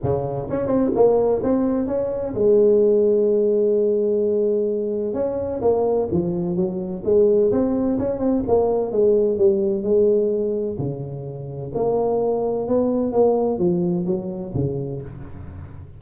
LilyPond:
\new Staff \with { instrumentName = "tuba" } { \time 4/4 \tempo 4 = 128 cis4 cis'8 c'8 ais4 c'4 | cis'4 gis2.~ | gis2. cis'4 | ais4 f4 fis4 gis4 |
c'4 cis'8 c'8 ais4 gis4 | g4 gis2 cis4~ | cis4 ais2 b4 | ais4 f4 fis4 cis4 | }